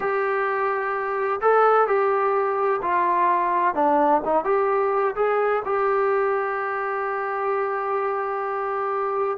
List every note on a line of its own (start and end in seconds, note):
0.00 1.40 G4
1.41 1.87 A4
1.87 2.80 G4
2.82 3.74 F4
3.74 4.21 D4
4.24 4.44 D#4
4.44 5.14 G4
5.15 5.62 G#4
5.65 9.38 G4